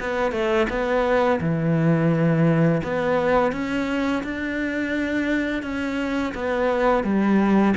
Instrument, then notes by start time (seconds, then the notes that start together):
cello
0.00 B3
0.32 A3
0.69 B3
1.41 E3
2.83 B3
3.52 C#4
4.24 D4
5.63 C#4
6.35 B3
7.04 G3